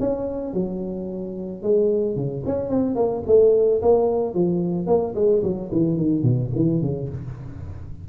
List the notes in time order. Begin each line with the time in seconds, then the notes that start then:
0.00 C#4
0.54 F#3
1.63 G#3
2.16 C#3
2.46 C#4
2.69 C4
2.96 A#3
3.27 A3
3.82 A#3
4.34 F3
4.87 A#3
5.15 G#3
5.43 F#3
5.72 E3
5.97 D#3
6.23 B2
6.55 E3
6.82 C#3